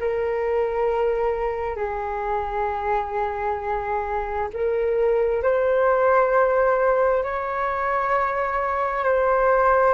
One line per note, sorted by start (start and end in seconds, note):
0.00 1.76 A#4
1.76 4.49 G#4
4.54 5.43 A#4
5.43 7.24 C5
7.24 9.05 C#5
9.05 9.95 C5